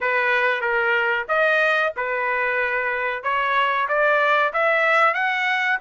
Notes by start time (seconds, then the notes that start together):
0.00 B4
0.61 A#4
1.28 D#5
1.96 B4
3.23 C#5
3.88 D5
4.53 E5
5.13 F#5